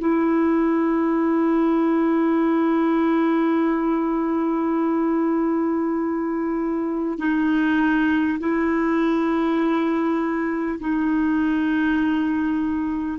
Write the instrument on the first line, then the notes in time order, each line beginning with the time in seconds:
clarinet
0.00 E4
7.19 D#4
8.39 E4
10.80 D#4